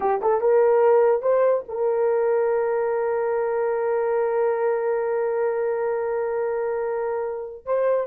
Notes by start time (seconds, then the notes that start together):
0.00 G4
0.21 A4
0.40 A#4
1.22 C5
1.68 A#4
7.65 C5